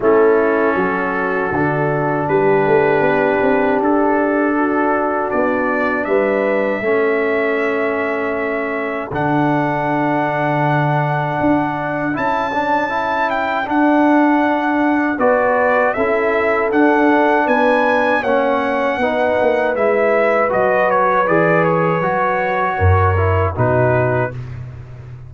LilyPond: <<
  \new Staff \with { instrumentName = "trumpet" } { \time 4/4 \tempo 4 = 79 a'2. b'4~ | b'4 a'2 d''4 | e''1 | fis''1 |
a''4. g''8 fis''2 | d''4 e''4 fis''4 gis''4 | fis''2 e''4 dis''8 cis''8 | d''8 cis''2~ cis''8 b'4 | }
  \new Staff \with { instrumentName = "horn" } { \time 4/4 e'4 fis'2 g'4~ | g'2 fis'2 | b'4 a'2.~ | a'1~ |
a'1 | b'4 a'2 b'4 | cis''4 b'2.~ | b'2 ais'4 fis'4 | }
  \new Staff \with { instrumentName = "trombone" } { \time 4/4 cis'2 d'2~ | d'1~ | d'4 cis'2. | d'1 |
e'8 d'8 e'4 d'2 | fis'4 e'4 d'2 | cis'4 dis'4 e'4 fis'4 | gis'4 fis'4. e'8 dis'4 | }
  \new Staff \with { instrumentName = "tuba" } { \time 4/4 a4 fis4 d4 g8 a8 | b8 c'8 d'2 b4 | g4 a2. | d2. d'4 |
cis'2 d'2 | b4 cis'4 d'4 b4 | ais4 b8 ais8 gis4 fis4 | e4 fis4 fis,4 b,4 | }
>>